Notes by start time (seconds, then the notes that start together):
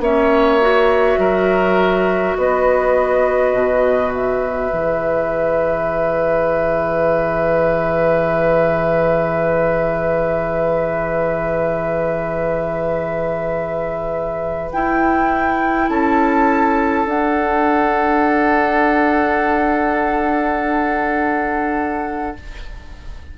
0.00 A#3 C#4 C#5 E5
0.61 F#4
1.18 F#3 A#4
2.37 B3 B4 D#5
3.53 B2
4.14 E5
4.71 E3 G#4
14.72 E4 G5
15.89 C#4 A4 A5
17.06 D4 F#5